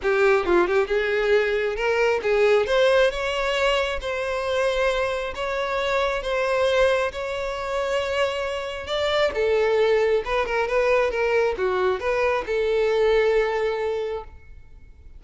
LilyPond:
\new Staff \with { instrumentName = "violin" } { \time 4/4 \tempo 4 = 135 g'4 f'8 g'8 gis'2 | ais'4 gis'4 c''4 cis''4~ | cis''4 c''2. | cis''2 c''2 |
cis''1 | d''4 a'2 b'8 ais'8 | b'4 ais'4 fis'4 b'4 | a'1 | }